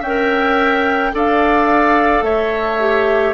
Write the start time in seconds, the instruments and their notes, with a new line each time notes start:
0.00 bassoon C#4, oboe E5, flute G5
0.07 clarinet A#4
1.13 bassoon D4, clarinet A4, oboe D5, flute F5
2.22 bassoon A3, oboe C#5, flute E5
2.80 clarinet G4